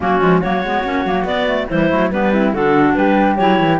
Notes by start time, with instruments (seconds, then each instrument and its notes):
0.00 cello F#3, clarinet A#3 F#4, flute C#4
0.20 cello F3, clarinet G#3
0.40 cello F#3, clarinet A#3 C#5, flute F#4
0.62 cello G#3, clarinet B3
0.84 cello A#3, clarinet C#4
1.05 cello F#3, clarinet A#3
1.24 cello B3, clarinet B3 D5
1.46 clarinet A3
1.69 cello E3, clarinet G3 C5, flute E4
1.89 cello F#3, clarinet A3
2.11 cello G3, clarinet B3 B4, flute D4
2.32 clarinet C4, flute E4
2.53 cello D3, clarinet D4 A4, flute F#4
2.94 cello G3, flute G4, clarinet B4
3.36 cello F#3, clarinet E4 C#5
3.59 cello E3